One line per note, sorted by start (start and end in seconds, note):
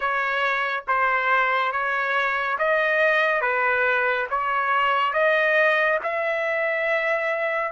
0.00 0.84 C#5
0.87 1.71 C5
1.71 2.57 C#5
2.58 3.41 D#5
3.41 4.26 B4
4.29 5.13 C#5
5.13 5.98 D#5
6.03 7.72 E5